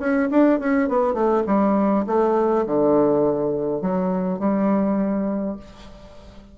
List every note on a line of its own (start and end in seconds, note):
0.00 0.29 C#4
0.31 0.60 D4
0.60 0.89 C#4
0.89 1.14 B3
1.14 1.43 A3
1.47 2.06 G3
2.07 2.66 A3
2.67 3.82 D3
3.82 4.39 F#3
4.39 5.57 G3